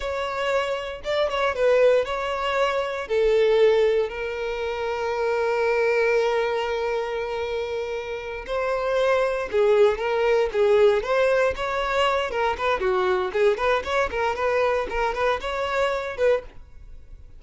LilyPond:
\new Staff \with { instrumentName = "violin" } { \time 4/4 \tempo 4 = 117 cis''2 d''8 cis''8 b'4 | cis''2 a'2 | ais'1~ | ais'1~ |
ais'8 c''2 gis'4 ais'8~ | ais'8 gis'4 c''4 cis''4. | ais'8 b'8 fis'4 gis'8 b'8 cis''8 ais'8 | b'4 ais'8 b'8 cis''4. b'8 | }